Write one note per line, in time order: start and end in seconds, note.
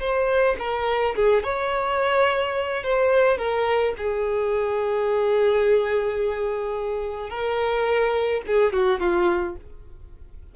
0.00 0.56 C5
0.59 1.15 A#4
1.15 1.43 G#4
1.43 2.83 C#5
2.83 3.38 C5
3.38 3.94 A#4
3.97 7.29 G#4
7.29 8.42 A#4
8.47 8.73 G#4
8.73 8.99 F#4
8.99 9.56 F4